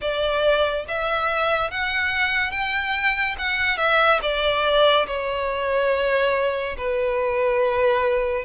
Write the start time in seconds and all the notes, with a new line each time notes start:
0.01 D5
0.88 E5
1.70 F#5
2.51 G5
3.38 F#5
3.77 E5
4.22 D5
5.07 C#5
6.77 B4